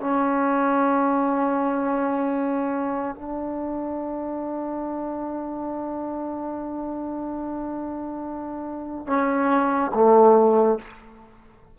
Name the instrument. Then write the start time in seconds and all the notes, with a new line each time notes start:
trombone
0.00 C#4
3.15 D4
9.06 C#4
9.94 A3